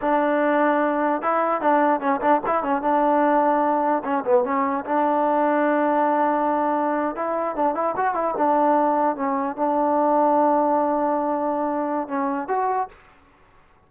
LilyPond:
\new Staff \with { instrumentName = "trombone" } { \time 4/4 \tempo 4 = 149 d'2. e'4 | d'4 cis'8 d'8 e'8 cis'8 d'4~ | d'2 cis'8 b8 cis'4 | d'1~ |
d'4.~ d'16 e'4 d'8 e'8 fis'16~ | fis'16 e'8 d'2 cis'4 d'16~ | d'1~ | d'2 cis'4 fis'4 | }